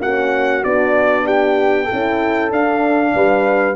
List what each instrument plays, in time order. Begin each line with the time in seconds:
0.00 tuba A#3, horn C#4 F#4, trumpet F#5
0.64 tuba B3, horn D4, trumpet D5
1.25 horn G4, trumpet G5
1.85 horn E4 A4
1.92 tuba C#4
2.51 tuba D4, horn D4, trumpet F5
3.15 tuba G3, horn B4